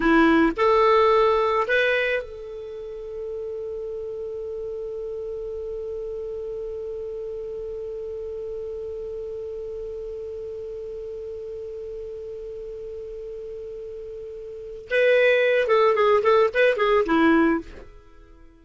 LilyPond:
\new Staff \with { instrumentName = "clarinet" } { \time 4/4 \tempo 4 = 109 e'4 a'2 b'4 | a'1~ | a'1~ | a'1~ |
a'1~ | a'1~ | a'2. b'4~ | b'8 a'8 gis'8 a'8 b'8 gis'8 e'4 | }